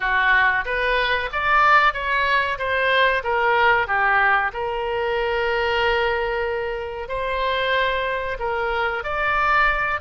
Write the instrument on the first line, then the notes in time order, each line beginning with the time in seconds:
oboe
0.00 F#4
0.65 B4
1.32 D5
1.93 C#5
2.58 C5
3.23 A#4
3.87 G4
4.53 A#4
7.08 C5
8.39 A#4
9.03 D5